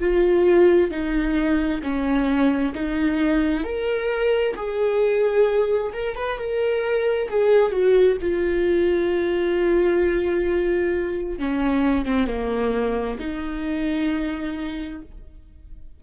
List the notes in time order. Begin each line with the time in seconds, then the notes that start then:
0.00 F4
0.91 D#4
1.83 C#4
2.75 D#4
3.64 A#4
4.56 G#4
5.93 A#4
6.16 B4
6.38 A#4
7.29 G#4
7.72 F#4
8.21 F4
11.39 C#4
12.06 C4
12.27 A#3
13.19 D#4